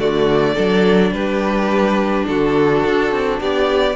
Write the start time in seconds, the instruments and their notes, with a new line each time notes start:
0.00 cello D3, viola A3, violin F#4 D5
0.55 cello F#3, viola D4, violin A4
1.12 cello G3, violin G4 B4
2.27 cello D3, violin F#4 A4
2.85 cello D4
3.12 cello C4
3.41 cello B3, violin G4 D5